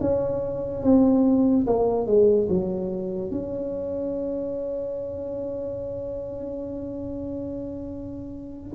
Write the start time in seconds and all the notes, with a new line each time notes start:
0.00 C#4
0.83 C4
1.67 A#3
2.06 G#3
2.49 F#3
3.31 C#4